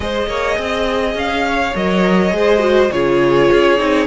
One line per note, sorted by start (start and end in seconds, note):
0.00 0.27 G#3
0.00 1.75 G#4
0.00 0.28 C5
0.00 1.16 D#5
0.27 0.56 A#3
0.27 0.57 C#5
0.58 1.14 C4
0.58 1.48 D#5
1.14 1.72 C#4
1.14 1.76 F5
1.48 2.35 C#5
1.75 2.31 F#3
1.75 2.31 A#4
1.75 2.91 D#5
2.31 2.89 G#3
2.31 2.59 G#4
2.31 2.92 C5
2.59 2.88 F#4
2.91 3.49 C#3
2.91 3.78 F4
2.91 4.07 G#4
2.91 4.07 C#5
3.51 3.79 C#4
3.78 4.07 C4
3.78 4.07 D#4